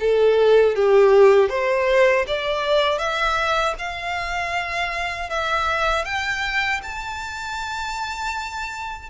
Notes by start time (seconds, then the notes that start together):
0.00 A4
0.76 G4
1.49 C5
2.27 D5
2.98 E5
3.78 F5
5.30 E5
6.04 G5
6.83 A5